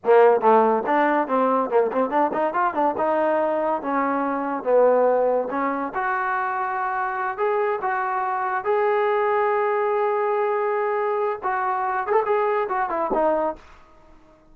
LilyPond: \new Staff \with { instrumentName = "trombone" } { \time 4/4 \tempo 4 = 142 ais4 a4 d'4 c'4 | ais8 c'8 d'8 dis'8 f'8 d'8 dis'4~ | dis'4 cis'2 b4~ | b4 cis'4 fis'2~ |
fis'4. gis'4 fis'4.~ | fis'8 gis'2.~ gis'8~ | gis'2. fis'4~ | fis'8 gis'16 a'16 gis'4 fis'8 e'8 dis'4 | }